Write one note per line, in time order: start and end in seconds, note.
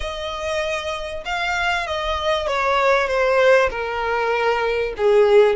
0.00 1.24 D#5
1.25 1.86 F5
1.87 2.47 D#5
2.47 3.07 C#5
3.07 3.69 C5
3.70 4.94 A#4
4.97 5.55 G#4